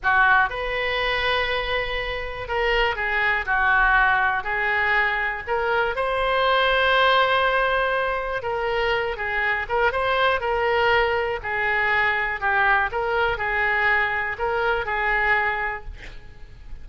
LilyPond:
\new Staff \with { instrumentName = "oboe" } { \time 4/4 \tempo 4 = 121 fis'4 b'2.~ | b'4 ais'4 gis'4 fis'4~ | fis'4 gis'2 ais'4 | c''1~ |
c''4 ais'4. gis'4 ais'8 | c''4 ais'2 gis'4~ | gis'4 g'4 ais'4 gis'4~ | gis'4 ais'4 gis'2 | }